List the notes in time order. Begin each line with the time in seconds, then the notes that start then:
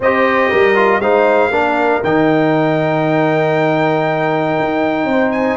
0.00 C4 G4 C5 D#5
0.49 G3 A#4
0.75 F4
0.99 G#3 D#4 C5 F5
1.50 A#3 D4 A#4
2.03 D#3 D#4 G5
4.59 D#4
5.04 C4 C5
5.31 G#5